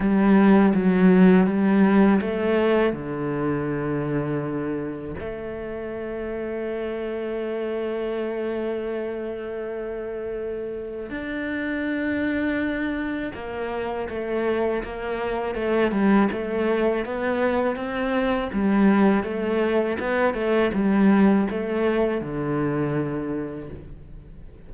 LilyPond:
\new Staff \with { instrumentName = "cello" } { \time 4/4 \tempo 4 = 81 g4 fis4 g4 a4 | d2. a4~ | a1~ | a2. d'4~ |
d'2 ais4 a4 | ais4 a8 g8 a4 b4 | c'4 g4 a4 b8 a8 | g4 a4 d2 | }